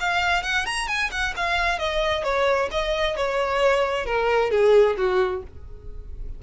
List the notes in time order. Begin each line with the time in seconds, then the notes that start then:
0.00 F5
0.43 F#5
0.66 A#5
0.88 G#5
1.11 F#5
1.37 F5
1.79 D#5
2.24 C#5
2.71 D#5
3.17 C#5
4.06 A#4
4.51 G#4
4.97 F#4